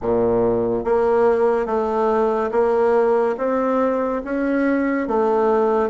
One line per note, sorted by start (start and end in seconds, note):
0.01 0.84 A#2
0.84 1.66 A#3
1.66 2.50 A3
2.51 3.36 A#3
3.37 4.22 C4
4.24 5.07 C#4
5.07 5.89 A3